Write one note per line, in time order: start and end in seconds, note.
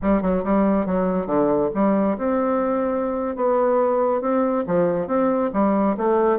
0.02 0.22 G3
0.22 0.43 F#3
0.44 0.86 G3
0.86 1.26 F#3
1.26 1.69 D3
1.74 2.17 G3
2.17 3.36 C4
3.36 4.21 B3
4.21 4.64 C4
4.66 5.07 F3
5.07 5.50 C4
5.53 5.96 G3
5.97 6.39 A3